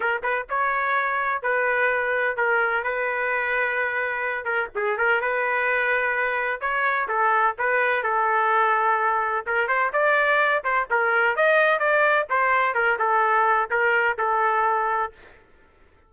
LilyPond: \new Staff \with { instrumentName = "trumpet" } { \time 4/4 \tempo 4 = 127 ais'8 b'8 cis''2 b'4~ | b'4 ais'4 b'2~ | b'4. ais'8 gis'8 ais'8 b'4~ | b'2 cis''4 a'4 |
b'4 a'2. | ais'8 c''8 d''4. c''8 ais'4 | dis''4 d''4 c''4 ais'8 a'8~ | a'4 ais'4 a'2 | }